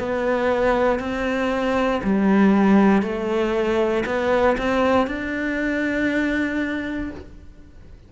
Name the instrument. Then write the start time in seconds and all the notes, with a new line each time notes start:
cello
0.00 B3
0.99 C4
2.04 G3
3.02 A3
4.06 B3
4.58 C4
5.08 D4